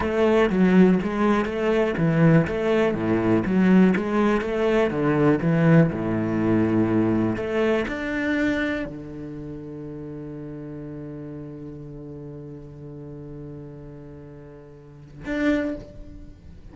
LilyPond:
\new Staff \with { instrumentName = "cello" } { \time 4/4 \tempo 4 = 122 a4 fis4 gis4 a4 | e4 a4 a,4 fis4 | gis4 a4 d4 e4 | a,2. a4 |
d'2 d2~ | d1~ | d1~ | d2. d'4 | }